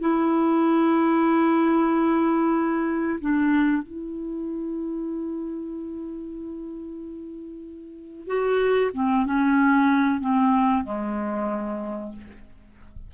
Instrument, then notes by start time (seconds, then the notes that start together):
clarinet
0.00 E4
3.20 D4
3.82 E4
8.27 F#4
8.94 C4
9.26 C#4
10.20 C4
10.84 G#3